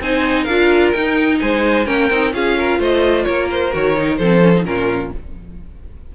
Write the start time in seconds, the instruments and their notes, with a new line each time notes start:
0.00 cello C4, viola D#4, violin C5 G#5
0.43 cello D4, viola F4, violin A#4 F5
0.92 cello D#4, viola D#4, violin G5
1.40 cello G#3, violin C5 G#5
1.85 cello A#3, viola C#4, violin A#4 G5
2.10 cello C4, viola D#4
2.32 cello C#4, viola F4, violin G#4 F5
2.57 violin A#4
2.78 cello A3, violin C5 D#5
3.23 cello A#3, violin A#4 C#5
3.51 violin C5
3.72 cello D#3, viola F#4, violin C#5
3.96 viola D#4
4.17 cello F3, viola C4, violin A4 C5
4.42 viola C#4
4.56 viola D#4
4.64 cello A#2, viola C#4, violin F4 A#4